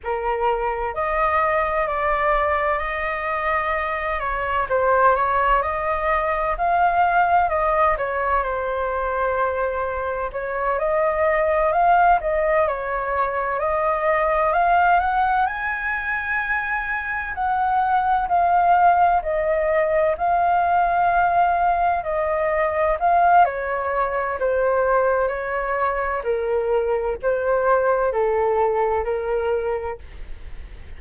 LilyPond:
\new Staff \with { instrumentName = "flute" } { \time 4/4 \tempo 4 = 64 ais'4 dis''4 d''4 dis''4~ | dis''8 cis''8 c''8 cis''8 dis''4 f''4 | dis''8 cis''8 c''2 cis''8 dis''8~ | dis''8 f''8 dis''8 cis''4 dis''4 f''8 |
fis''8 gis''2 fis''4 f''8~ | f''8 dis''4 f''2 dis''8~ | dis''8 f''8 cis''4 c''4 cis''4 | ais'4 c''4 a'4 ais'4 | }